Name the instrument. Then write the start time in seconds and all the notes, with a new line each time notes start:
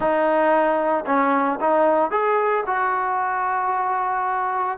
trombone
0.00 D#4
1.06 C#4
1.60 D#4
2.10 G#4
2.66 F#4